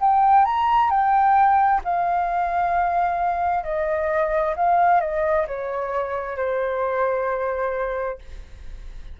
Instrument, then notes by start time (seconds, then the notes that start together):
flute
0.00 G5
0.45 A#5
0.90 G5
1.84 F5
3.64 D#5
4.56 F5
5.00 D#5
5.47 C#5
6.36 C5